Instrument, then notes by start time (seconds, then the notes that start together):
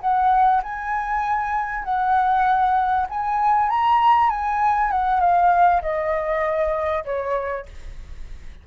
flute
0.00 F#5
0.63 G#5
1.84 F#5
3.09 G#5
3.69 A#5
4.29 G#5
4.91 F#5
5.20 F5
5.81 D#5
7.04 C#5